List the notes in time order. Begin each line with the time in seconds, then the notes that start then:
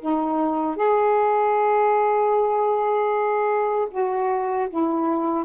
0.00 D#4
0.76 G#4
3.90 F#4
4.69 E4